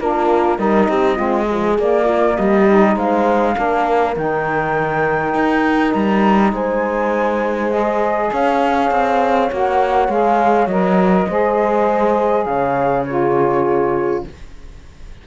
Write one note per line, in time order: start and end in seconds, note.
0.00 0.59 A#3
0.00 0.58 D4
0.00 0.60 F4
0.00 0.59 A#4
0.58 0.88 G3
0.58 1.16 D#4
0.58 0.89 A#4
0.58 1.77 D#5
0.89 1.19 C4
0.89 1.16 G4
1.16 1.78 G#3
1.16 1.46 C4
1.16 1.46 F4
1.47 1.76 F3
1.47 2.05 G#4
1.78 2.38 A#3
1.78 2.68 A#3
1.78 2.37 D5
2.05 2.34 F4
2.35 2.96 G3
2.35 2.94 G4
2.35 2.96 D#5
2.68 3.55 D#4
2.96 3.56 G#3
2.96 3.55 C5
2.96 4.17 F5
3.55 4.17 A#3
3.55 4.14 D4
3.55 6.53 A#4
4.16 5.35 D#3
4.16 7.71 D#4
4.16 5.92 G5
5.35 5.94 D#4
5.92 6.52 G3
5.92 6.51 A#5
6.52 8.31 G#3
6.52 8.31 C5
6.52 7.71 G#5
7.71 9.49 G#4
7.71 8.31 D#5
8.31 8.91 C#4
8.31 11.28 C#5
8.31 9.52 F5
8.91 9.50 C4
9.49 10.08 A#3
9.49 10.09 F#4
9.49 10.11 F#5
10.08 10.67 G#3
10.08 10.69 G#4
10.08 10.67 F5
10.67 11.26 F#3
10.67 11.29 A#4
10.67 12.45 D#5
11.28 12.46 G#3
11.28 13.07 G#4
11.28 12.46 C5
12.45 14.24 C#3
12.45 13.05 C#5
12.45 13.04 F5
13.05 14.27 F4
13.05 14.24 G#4
13.05 14.24 C#5